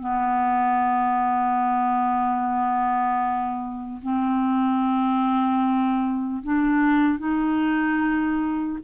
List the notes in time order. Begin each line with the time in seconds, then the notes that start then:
0.00 B3
4.03 C4
6.43 D4
7.19 D#4